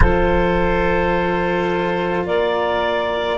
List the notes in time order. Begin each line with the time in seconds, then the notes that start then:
0.00 F3 F4 A4 C5
2.25 A#3 A#4 D5